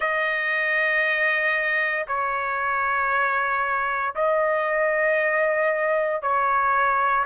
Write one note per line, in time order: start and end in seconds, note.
0.00 2.05 D#5
2.07 4.14 C#5
4.15 6.22 D#5
6.22 7.25 C#5